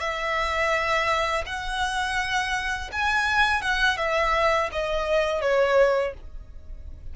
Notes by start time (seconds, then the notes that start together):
0.00 E5
1.46 F#5
2.92 G#5
3.62 F#5
3.97 E5
4.72 D#5
5.42 C#5